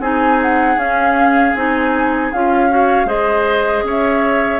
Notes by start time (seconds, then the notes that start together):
0.00 C4 D#4 G#4 G#5
0.42 F#5
0.77 C#4 F5
1.55 C4 D#4 G#5
2.33 C#4 F4 F5
2.70 F#4 C#5
3.06 G#3 G#4 C5 D#5
3.83 C#4 C#5
3.90 E5